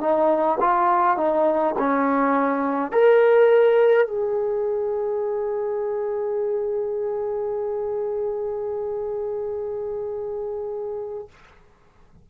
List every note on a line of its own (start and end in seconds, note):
0.00 0.58 D#4
0.60 1.17 F4
1.17 1.75 D#4
1.78 2.92 C#4
2.92 4.07 A#4
4.07 11.28 G#4